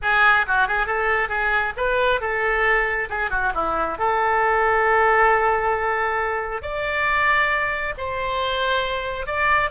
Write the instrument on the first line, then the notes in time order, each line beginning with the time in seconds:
oboe
0.02 G#4
0.47 F#4
0.67 G#4
0.86 A4
1.29 G#4
1.76 B4
2.20 A4
3.09 G#4
3.30 F#4
3.54 E4
3.98 A4
6.62 D5
7.97 C5
9.26 D5